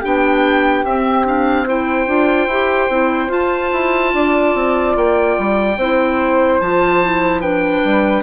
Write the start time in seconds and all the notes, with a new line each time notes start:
0.00 B3 D4 G4 G5
0.84 C4 E5
1.25 D4 F5
1.66 E4 C5 G5
2.07 D4 F4
2.47 E4 G4
2.89 C4 E4
3.28 F4 A5
3.72 E4
4.13 D4 D5
4.54 C4
4.96 A#3 G5
5.38 G3
5.77 C4 E4 C5
6.60 F3 F4 A5
7.03 E4
7.40 D4 B4 G5
7.84 G3